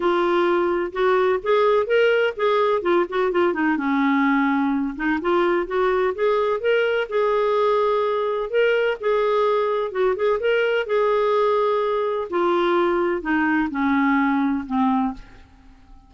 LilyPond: \new Staff \with { instrumentName = "clarinet" } { \time 4/4 \tempo 4 = 127 f'2 fis'4 gis'4 | ais'4 gis'4 f'8 fis'8 f'8 dis'8 | cis'2~ cis'8 dis'8 f'4 | fis'4 gis'4 ais'4 gis'4~ |
gis'2 ais'4 gis'4~ | gis'4 fis'8 gis'8 ais'4 gis'4~ | gis'2 f'2 | dis'4 cis'2 c'4 | }